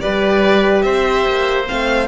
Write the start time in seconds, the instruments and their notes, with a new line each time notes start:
0.00 cello G3, horn G4, oboe B4, violin D5
0.81 cello C4, oboe C5, violin E5
1.26 cello A#3
1.66 cello A3, horn C4, violin F5